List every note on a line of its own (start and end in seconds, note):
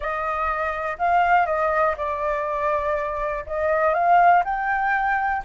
0.00 0.97 D#5
0.98 1.46 F5
1.46 1.95 D#5
1.97 3.44 D5
3.46 3.93 D#5
3.93 4.43 F5
4.44 5.43 G5